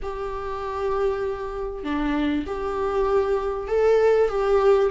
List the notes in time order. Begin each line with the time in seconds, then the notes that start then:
0.02 G4
1.83 D4
2.46 G4
3.67 A4
4.28 G4